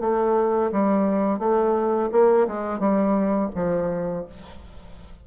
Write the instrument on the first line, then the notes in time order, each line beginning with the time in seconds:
bassoon
0.00 A3
0.71 G3
1.39 A3
2.11 A#3
2.47 G#3
2.79 G3
3.55 F3